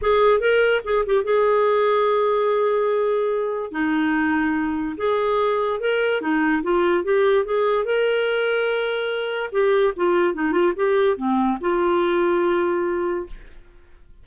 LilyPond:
\new Staff \with { instrumentName = "clarinet" } { \time 4/4 \tempo 4 = 145 gis'4 ais'4 gis'8 g'8 gis'4~ | gis'1~ | gis'4 dis'2. | gis'2 ais'4 dis'4 |
f'4 g'4 gis'4 ais'4~ | ais'2. g'4 | f'4 dis'8 f'8 g'4 c'4 | f'1 | }